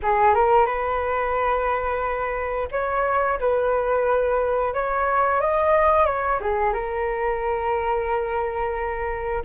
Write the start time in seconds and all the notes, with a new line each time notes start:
0.02 G#4
0.34 A#4
0.66 B4
2.72 C#5
3.39 B4
4.74 C#5
5.41 D#5
6.05 C#5
6.40 G#4
6.73 A#4